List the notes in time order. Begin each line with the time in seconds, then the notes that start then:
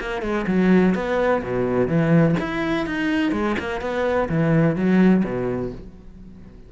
0.00 A#3
0.21 G#3
0.47 F#3
0.94 B3
1.42 B2
1.88 E3
2.39 E4
2.86 D#4
3.32 G#3
3.59 A#3
3.81 B3
4.29 E3
4.76 F#3
5.24 B2